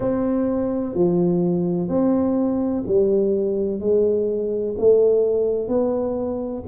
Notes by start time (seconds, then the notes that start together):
0.00 C4
0.94 F3
1.88 C4
2.86 G3
3.80 G#3
4.78 A3
5.68 B3